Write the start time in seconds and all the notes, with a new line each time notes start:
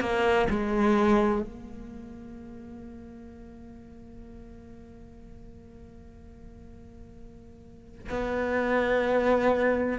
0.00 A#3
0.50 G#3
1.42 A#3
8.10 B3